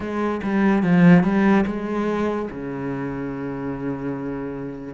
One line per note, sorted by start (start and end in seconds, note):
0.00 0.40 G#3
0.43 0.82 G3
0.82 1.23 F3
1.23 1.64 G3
1.66 2.48 G#3
2.50 4.94 C#3